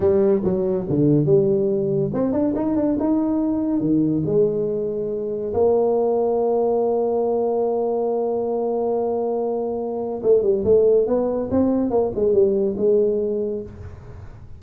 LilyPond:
\new Staff \with { instrumentName = "tuba" } { \time 4/4 \tempo 4 = 141 g4 fis4 d4 g4~ | g4 c'8 d'8 dis'8 d'8 dis'4~ | dis'4 dis4 gis2~ | gis4 ais2.~ |
ais1~ | ais1 | a8 g8 a4 b4 c'4 | ais8 gis8 g4 gis2 | }